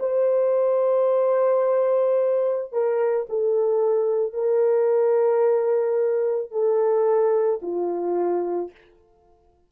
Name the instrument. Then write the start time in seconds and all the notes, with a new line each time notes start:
horn
0.00 C5
2.73 A#4
3.29 A4
4.33 A#4
6.52 A4
7.63 F4